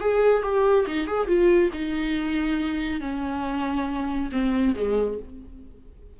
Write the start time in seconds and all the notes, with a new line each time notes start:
0.00 G#4
0.42 G4
0.87 D#4
1.07 G#4
1.27 F4
1.72 D#4
3.00 C#4
4.32 C4
4.75 G#3